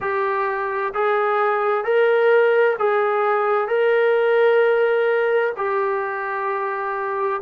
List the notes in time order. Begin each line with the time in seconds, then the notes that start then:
0.00 G4
0.94 G#4
1.84 A#4
2.78 G#4
3.68 A#4
5.56 G4